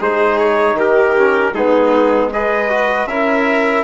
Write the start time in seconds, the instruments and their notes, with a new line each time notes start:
0.00 bassoon G#3, trombone D#4, violin G#4, trumpet C5
0.39 trumpet C#5
0.74 bassoon D#3, violin G4, trumpet A#4
1.16 trombone C#4
1.54 bassoon G#3, trombone B3, violin D#4, trumpet G#4
2.33 trombone G#4, violin B4, trumpet D#5
2.70 trombone F#4
3.07 bassoon C#4, trombone E4, violin A#4, trumpet E5